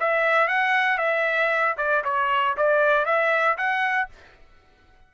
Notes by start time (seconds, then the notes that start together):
0.00 E5
0.48 F#5
0.98 E5
1.78 D5
2.05 C#5
2.57 D5
3.06 E5
3.58 F#5